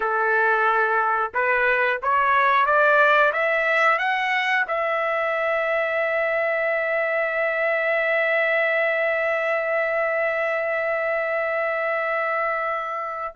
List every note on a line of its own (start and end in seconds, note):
0.00 1.32 A4
1.33 2.00 B4
2.02 2.65 C#5
2.65 3.32 D5
3.32 3.98 E5
3.98 4.65 F#5
4.67 13.34 E5